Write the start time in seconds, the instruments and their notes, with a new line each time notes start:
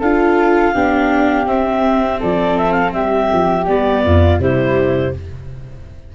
0.00 tuba D4, viola F4, flute A4, clarinet F5
0.74 tuba B3, viola D4, flute G4
1.46 tuba C4, viola C4, clarinet E5
2.20 tuba F3, flute A4, clarinet D5
2.58 clarinet E5
2.72 clarinet F5
2.93 tuba G3, flute G4, clarinet E5
3.33 tuba F3
3.66 tuba G3, viola B3, clarinet D5
4.04 tuba F2, flute F4
4.39 tuba C3, viola G3, flute E4, clarinet C5